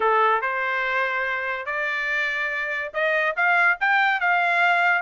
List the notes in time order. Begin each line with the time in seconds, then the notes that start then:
0.00 A4
0.41 C5
1.66 D5
2.93 D#5
3.36 F5
3.80 G5
4.20 F5